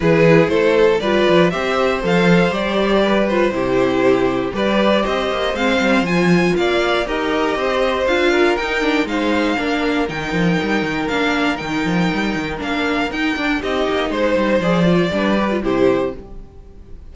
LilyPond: <<
  \new Staff \with { instrumentName = "violin" } { \time 4/4 \tempo 4 = 119 b'4 c''4 d''4 e''4 | f''4 d''4. c''4.~ | c''4 d''4 dis''4 f''4 | gis''4 f''4 dis''2 |
f''4 g''4 f''2 | g''2 f''4 g''4~ | g''4 f''4 g''4 dis''4 | c''4 d''2 c''4 | }
  \new Staff \with { instrumentName = "violin" } { \time 4/4 gis'4 a'4 b'4 c''4~ | c''2 b'4 g'4~ | g'4 b'4 c''2~ | c''4 d''4 ais'4 c''4~ |
c''8 ais'4. c''4 ais'4~ | ais'1~ | ais'2. g'4 | c''2 b'4 g'4 | }
  \new Staff \with { instrumentName = "viola" } { \time 4/4 e'2 f'4 g'4 | a'4 g'4. f'8 e'4~ | e'4 g'2 c'4 | f'2 g'2 |
f'4 dis'8 d'8 dis'4 d'4 | dis'2 d'4 dis'4~ | dis'4 d'4 dis'8 d'8 dis'4~ | dis'4 gis'8 f'8 d'8 g'16 f'16 e'4 | }
  \new Staff \with { instrumentName = "cello" } { \time 4/4 e4 a4 g8 f8 c'4 | f4 g2 c4~ | c4 g4 c'8 ais8 gis8 g8 | f4 ais4 dis'4 c'4 |
d'4 dis'4 gis4 ais4 | dis8 f8 g8 dis8 ais4 dis8 f8 | g8 dis8 ais4 dis'8 d'8 c'8 ais8 | gis8 g8 f4 g4 c4 | }
>>